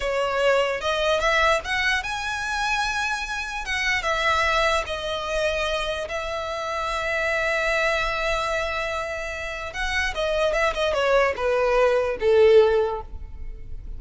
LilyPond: \new Staff \with { instrumentName = "violin" } { \time 4/4 \tempo 4 = 148 cis''2 dis''4 e''4 | fis''4 gis''2.~ | gis''4 fis''4 e''2 | dis''2. e''4~ |
e''1~ | e''1 | fis''4 dis''4 e''8 dis''8 cis''4 | b'2 a'2 | }